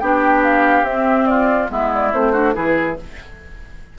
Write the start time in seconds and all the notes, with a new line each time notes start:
0.00 B3 D4 G4 G5
0.44 F5
0.83 C4 E5
1.26 F4 D5
1.69 G#3 B3 E4 E5
1.94 D5
2.13 A3 C4 C5
2.32 D4 F#4
2.54 E3 E4 G#4 B4